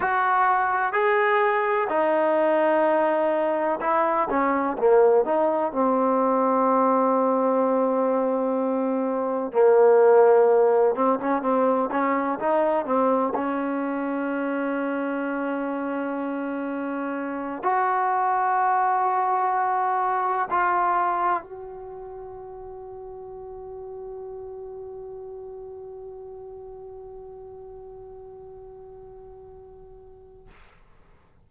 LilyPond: \new Staff \with { instrumentName = "trombone" } { \time 4/4 \tempo 4 = 63 fis'4 gis'4 dis'2 | e'8 cis'8 ais8 dis'8 c'2~ | c'2 ais4. c'16 cis'16 | c'8 cis'8 dis'8 c'8 cis'2~ |
cis'2~ cis'8 fis'4.~ | fis'4. f'4 fis'4.~ | fis'1~ | fis'1 | }